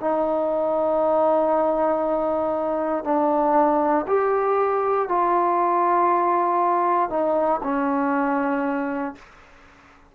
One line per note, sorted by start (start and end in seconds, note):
0.00 3.04 D#4
3.04 4.05 D4
4.07 5.08 G4
5.08 7.10 F4
7.10 7.60 D#4
7.62 9.15 C#4